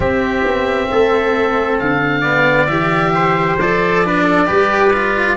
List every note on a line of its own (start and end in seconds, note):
0.00 0.43 C4
0.00 2.22 C4
0.00 0.89 G4
0.00 1.78 E5
0.43 0.88 B3
0.91 1.80 A3
0.91 2.21 A4
1.79 2.67 D3
1.79 2.66 F5
2.21 2.68 B3
2.21 3.10 D5
2.66 3.57 E3
2.66 3.58 G4
2.66 3.56 E5
3.15 4.04 C5
3.58 4.48 F3
3.58 4.05 A4
3.58 5.36 D5
4.05 4.46 D4
4.05 4.23 B4
4.23 4.46 A4
4.46 5.36 G3
4.46 4.91 G4
4.46 5.36 B4
4.93 5.36 F4